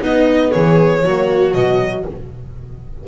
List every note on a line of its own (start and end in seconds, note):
0.00 1.04 B3
0.00 0.53 B3
0.00 0.51 D#4
0.00 0.51 D#5
0.51 1.06 E3
0.51 1.03 G#4
0.51 1.53 C#5
1.03 1.54 F#3
1.03 1.56 A#3
1.03 2.06 F#4
1.53 2.06 B2
1.53 2.07 F#3
1.53 2.05 D#5